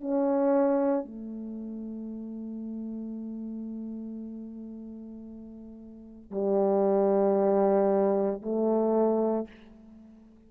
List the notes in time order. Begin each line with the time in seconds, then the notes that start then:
0.00 C#4
1.04 A3
6.31 G3
8.42 A3